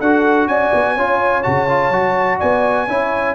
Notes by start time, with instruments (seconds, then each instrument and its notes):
0.00 tuba D4, trombone F#4, horn A4, trumpet F#5
0.47 tuba C#4, horn D5, trumpet G#5
0.73 tuba B3
0.94 tuba C#4, trombone F4, horn C#5
1.42 tuba C#3, trombone F#4, trumpet A5
1.69 trombone F4
1.90 tuba F#3, trombone F#4
2.38 tuba B3, horn D5, trumpet G#5
2.87 tuba C#4, trombone E4, horn C#5